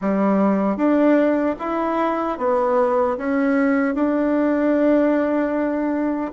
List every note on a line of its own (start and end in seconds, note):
0.01 0.76 G3
0.76 1.55 D4
1.59 2.38 E4
2.38 3.17 B3
3.17 3.94 C#4
3.94 6.31 D4